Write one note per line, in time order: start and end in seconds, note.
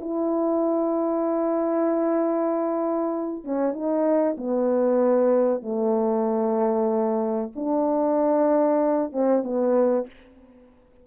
0.00 3.44 E4
3.44 3.73 C#4
3.73 4.36 D#4
4.38 5.62 B3
5.62 7.52 A3
7.55 9.12 D4
9.12 9.44 C4
9.44 10.07 B3